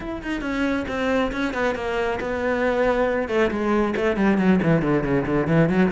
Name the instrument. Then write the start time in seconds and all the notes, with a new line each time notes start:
cello
0.00 E4
0.22 D#4
0.41 C#4
0.87 C4
1.32 C#4
1.53 B3
1.75 A#3
2.20 B3
3.28 A3
3.50 G#3
3.96 A3
4.16 G3
4.37 F#3
4.62 E3
4.82 D3
5.03 C#3
5.26 D3
5.47 E3
5.69 F#3